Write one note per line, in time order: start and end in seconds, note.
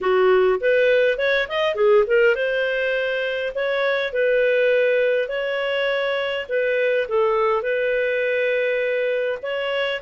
0.01 0.59 F#4
0.60 1.18 B4
1.18 1.47 C#5
1.48 1.75 D#5
1.75 2.04 G#4
2.06 2.35 A#4
2.35 3.52 C5
3.54 4.12 C#5
4.12 5.28 B4
5.28 6.46 C#5
6.49 7.07 B4
7.08 7.62 A4
7.62 9.38 B4
9.42 10.01 C#5